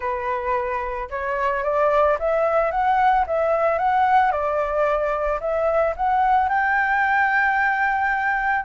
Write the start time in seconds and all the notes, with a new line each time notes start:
0.00 B4
1.10 C#5
1.63 D5
2.19 E5
2.71 F#5
3.26 E5
3.78 F#5
4.31 D5
5.40 E5
5.96 F#5
6.48 G5